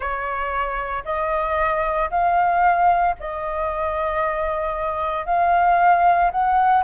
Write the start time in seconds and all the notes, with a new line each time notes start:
0.00 C#5
1.04 D#5
2.10 F5
3.19 D#5
5.25 F5
6.31 F#5